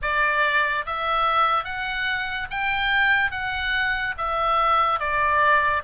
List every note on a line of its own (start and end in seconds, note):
0.02 0.85 D5
0.86 1.64 E5
1.64 2.47 F#5
2.50 3.31 G5
3.31 4.14 F#5
4.17 4.99 E5
4.99 5.83 D5